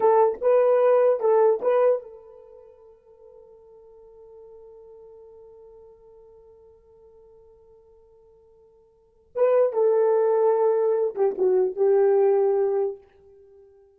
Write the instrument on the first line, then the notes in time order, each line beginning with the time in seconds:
horn
0.00 A4
0.41 B4
1.19 A4
1.61 B4
2.02 A4
9.35 B4
9.72 A4
11.15 G4
11.38 F#4
11.76 G4